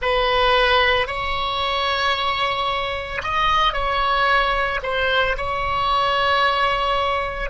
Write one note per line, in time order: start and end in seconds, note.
0.01 1.07 B4
1.07 3.21 C#5
3.23 3.73 D#5
3.73 4.80 C#5
4.83 5.36 C5
5.37 7.50 C#5